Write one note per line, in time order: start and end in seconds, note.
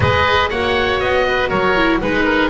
0.00 0.50 G#3
0.00 0.52 G#4
0.00 0.50 B4
0.00 0.49 D#5
0.49 1.00 A#3
0.49 1.75 F#4
0.49 1.25 C#5
0.49 1.00 F#5
1.00 1.50 B3
1.00 1.49 D#5
1.28 1.48 B4
1.48 2.01 F#3
1.48 1.99 A#4
1.48 1.99 C#5
1.75 2.01 E4
2.01 2.50 G#3
2.01 2.50 D#4
2.01 2.24 B4
2.01 2.50 B4
2.24 2.50 A#4